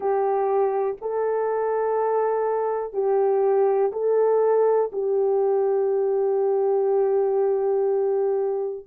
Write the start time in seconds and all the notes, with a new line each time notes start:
0.00 G4
1.01 A4
2.93 G4
3.92 A4
4.92 G4